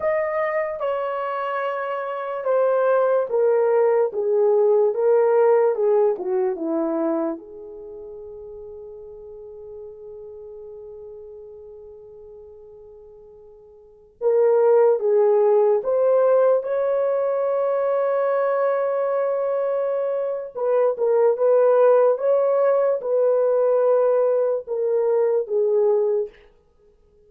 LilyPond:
\new Staff \with { instrumentName = "horn" } { \time 4/4 \tempo 4 = 73 dis''4 cis''2 c''4 | ais'4 gis'4 ais'4 gis'8 fis'8 | e'4 gis'2.~ | gis'1~ |
gis'4~ gis'16 ais'4 gis'4 c''8.~ | c''16 cis''2.~ cis''8.~ | cis''4 b'8 ais'8 b'4 cis''4 | b'2 ais'4 gis'4 | }